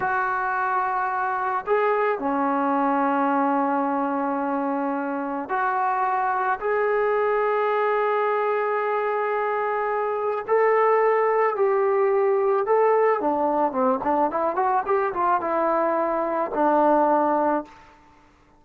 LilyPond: \new Staff \with { instrumentName = "trombone" } { \time 4/4 \tempo 4 = 109 fis'2. gis'4 | cis'1~ | cis'2 fis'2 | gis'1~ |
gis'2. a'4~ | a'4 g'2 a'4 | d'4 c'8 d'8 e'8 fis'8 g'8 f'8 | e'2 d'2 | }